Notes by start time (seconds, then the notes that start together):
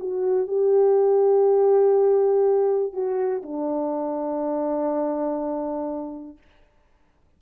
0.00 F#4
0.48 G4
2.93 F#4
3.43 D4